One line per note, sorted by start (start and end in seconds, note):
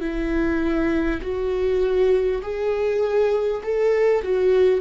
0.00 1.20 E4
1.21 2.41 F#4
2.42 3.62 G#4
3.63 4.23 A4
4.23 4.81 F#4